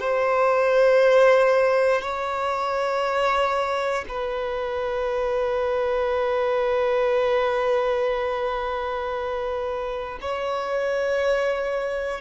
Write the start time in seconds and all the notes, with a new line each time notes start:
0.00 C5
2.01 C#5
4.08 B4
10.21 C#5